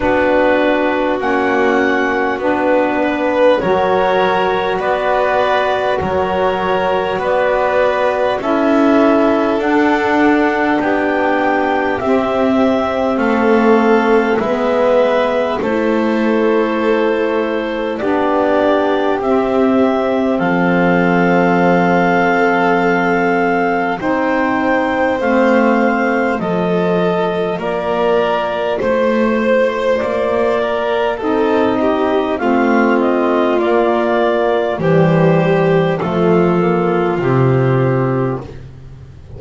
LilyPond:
<<
  \new Staff \with { instrumentName = "clarinet" } { \time 4/4 \tempo 4 = 50 b'4 fis''4 b'4 cis''4 | d''4 cis''4 d''4 e''4 | fis''4 g''4 e''4 f''4 | e''4 c''2 d''4 |
e''4 f''2. | g''4 f''4 dis''4 d''4 | c''4 d''4 dis''4 f''8 dis''8 | d''4 c''4 a'4 g'4 | }
  \new Staff \with { instrumentName = "violin" } { \time 4/4 fis'2~ fis'8 b'8 ais'4 | b'4 ais'4 b'4 a'4~ | a'4 g'2 a'4 | b'4 a'2 g'4~ |
g'4 a'2. | c''2 a'4 ais'4 | c''4. ais'8 a'8 g'8 f'4~ | f'4 g'4 f'2 | }
  \new Staff \with { instrumentName = "saxophone" } { \time 4/4 d'4 cis'4 d'4 fis'4~ | fis'2. e'4 | d'2 c'2 | b4 e'2 d'4 |
c'1 | dis'4 c'4 f'2~ | f'2 dis'4 c'4 | ais4 g4 a8 ais8 c'4 | }
  \new Staff \with { instrumentName = "double bass" } { \time 4/4 b4 ais4 b4 fis4 | b4 fis4 b4 cis'4 | d'4 b4 c'4 a4 | gis4 a2 b4 |
c'4 f2. | c'4 a4 f4 ais4 | a4 ais4 c'4 a4 | ais4 e4 f4 c4 | }
>>